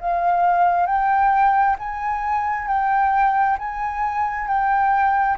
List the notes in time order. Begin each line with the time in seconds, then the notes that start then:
0.00 F5
0.87 G5
1.79 G#5
2.68 G5
3.59 G#5
4.48 G5